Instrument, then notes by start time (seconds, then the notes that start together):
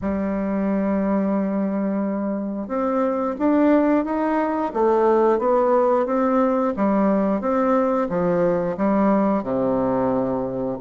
bassoon
0.01 G3
2.68 C4
3.38 D4
4.04 D#4
4.73 A3
5.38 B3
6.06 C4
6.76 G3
7.40 C4
8.09 F3
8.77 G3
9.43 C3